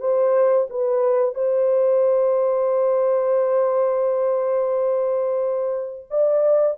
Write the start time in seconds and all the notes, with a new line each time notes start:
0.00 C5
0.70 B4
1.35 C5
6.10 D5